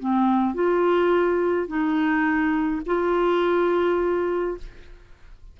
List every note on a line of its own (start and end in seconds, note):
0.00 0.55 C4
0.55 1.68 F4
1.68 2.82 D#4
2.86 4.58 F4